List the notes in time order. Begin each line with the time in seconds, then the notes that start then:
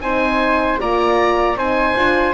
0.00 C4 D#4 C5 G#5
0.79 A#3 F4 D5 A#5
1.56 C4 D#4 C5 G#5
1.96 D4 F4